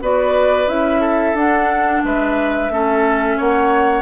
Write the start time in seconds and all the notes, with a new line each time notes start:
0.00 B3 F#4 B4 D5
0.67 C#4 E4 E5
1.00 A4
1.33 D4 F#5
2.04 G#3 B4 E5
2.69 A3 C#4 A4
3.37 A#3 C#5 F#5